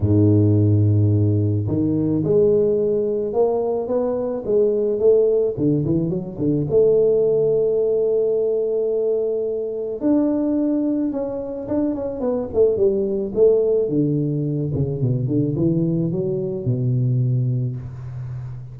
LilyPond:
\new Staff \with { instrumentName = "tuba" } { \time 4/4 \tempo 4 = 108 gis,2. dis4 | gis2 ais4 b4 | gis4 a4 d8 e8 fis8 d8 | a1~ |
a2 d'2 | cis'4 d'8 cis'8 b8 a8 g4 | a4 d4. cis8 b,8 d8 | e4 fis4 b,2 | }